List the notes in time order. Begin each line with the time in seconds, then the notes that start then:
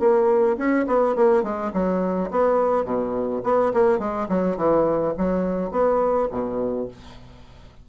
0.00 A#3
0.58 C#4
0.87 B3
1.16 A#3
1.43 G#3
1.74 F#3
2.31 B3
2.85 B2
3.44 B3
3.74 A#3
3.99 G#3
4.29 F#3
4.57 E3
5.18 F#3
5.71 B3
6.31 B2